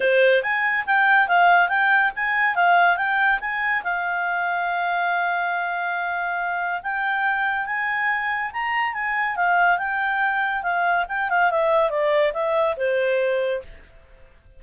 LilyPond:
\new Staff \with { instrumentName = "clarinet" } { \time 4/4 \tempo 4 = 141 c''4 gis''4 g''4 f''4 | g''4 gis''4 f''4 g''4 | gis''4 f''2.~ | f''1 |
g''2 gis''2 | ais''4 gis''4 f''4 g''4~ | g''4 f''4 g''8 f''8 e''4 | d''4 e''4 c''2 | }